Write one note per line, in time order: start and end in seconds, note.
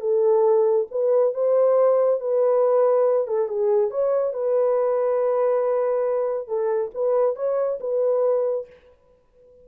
0.00 0.86 A4
0.91 1.33 B4
1.33 2.20 C5
2.20 3.27 B4
3.27 3.48 A4
3.48 3.90 G#4
3.90 4.33 C#5
4.33 6.47 B4
6.47 6.91 A4
6.94 7.36 B4
7.36 7.79 C#5
7.80 8.66 B4